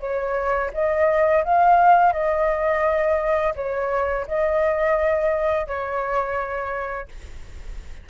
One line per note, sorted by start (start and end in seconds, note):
0.00 0.71 C#5
0.73 1.44 D#5
1.44 2.12 F5
2.12 3.54 D#5
3.55 4.26 C#5
4.27 5.67 D#5
5.67 7.08 C#5